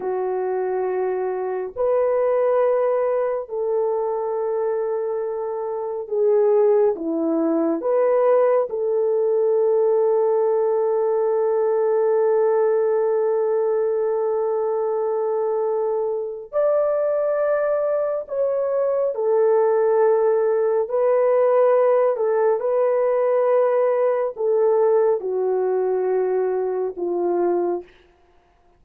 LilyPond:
\new Staff \with { instrumentName = "horn" } { \time 4/4 \tempo 4 = 69 fis'2 b'2 | a'2. gis'4 | e'4 b'4 a'2~ | a'1~ |
a'2. d''4~ | d''4 cis''4 a'2 | b'4. a'8 b'2 | a'4 fis'2 f'4 | }